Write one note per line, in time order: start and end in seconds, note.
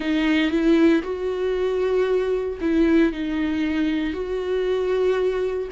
0.00 0.50 D#4
0.50 1.02 E4
1.03 2.58 F#4
2.61 3.12 E4
3.12 4.13 D#4
4.13 5.68 F#4